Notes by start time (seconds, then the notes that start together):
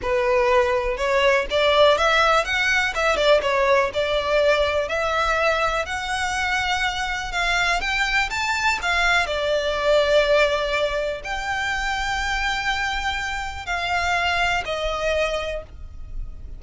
0.02 B4
0.97 C#5
1.50 D5
1.97 E5
2.45 F#5
2.94 E5
3.16 D5
3.42 C#5
3.93 D5
4.88 E5
5.85 F#5
7.32 F5
7.80 G5
8.29 A5
8.82 F5
9.26 D5
11.23 G5
13.66 F5
14.65 D#5